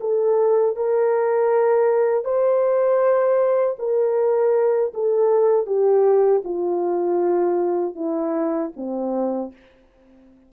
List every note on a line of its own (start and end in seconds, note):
0.00 0.76 A4
0.76 2.24 A#4
2.24 3.76 C5
3.78 4.92 A#4
4.94 5.66 A4
5.66 6.42 G4
6.44 7.95 F4
7.95 8.71 E4
8.76 9.52 C4